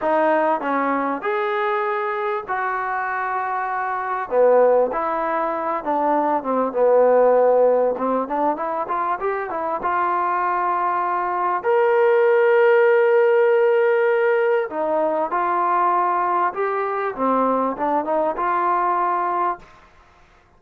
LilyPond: \new Staff \with { instrumentName = "trombone" } { \time 4/4 \tempo 4 = 98 dis'4 cis'4 gis'2 | fis'2. b4 | e'4. d'4 c'8 b4~ | b4 c'8 d'8 e'8 f'8 g'8 e'8 |
f'2. ais'4~ | ais'1 | dis'4 f'2 g'4 | c'4 d'8 dis'8 f'2 | }